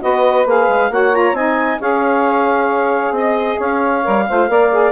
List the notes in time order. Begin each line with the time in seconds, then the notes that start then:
0.00 B3 F#4 B4 D#5
0.45 A#3 G#4 F5
0.68 G#3
0.90 A#3 F#4 C#5 F#5
1.12 F4 A#5
1.32 C4 D#4 D#5 G#5
1.79 C#4 G#4 C#5 F5
3.11 C4 D#5
3.17 D#5
3.57 C#4 C#5 F5
4.03 G3 A#4
4.28 A3 F4 C5
4.48 A#3 A#4 D5
4.71 G#4